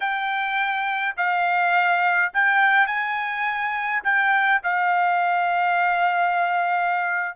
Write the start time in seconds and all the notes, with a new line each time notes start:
0.00 G5
1.17 F5
2.33 G5
2.86 G#5
4.03 G5
4.63 F5